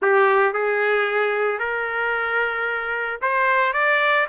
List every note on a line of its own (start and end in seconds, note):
0.01 0.53 G4
0.53 1.59 G#4
1.59 3.19 A#4
3.21 3.73 C5
3.73 4.26 D5